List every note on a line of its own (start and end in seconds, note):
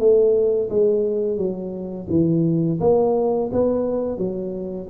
0.00 0.69 A3
0.70 1.38 G#3
1.38 2.08 F#3
2.10 2.80 E3
2.81 3.50 A#3
3.53 4.18 B3
4.18 4.88 F#3